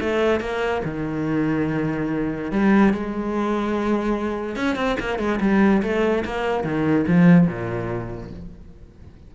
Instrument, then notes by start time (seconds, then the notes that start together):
cello
0.00 A3
0.40 A#3
0.84 D#3
2.51 G3
2.93 G#3
4.55 C#4
4.76 C4
4.99 A#3
5.18 G#3
5.40 G3
5.82 A3
6.24 A#3
6.64 D#3
7.07 F3
7.47 A#2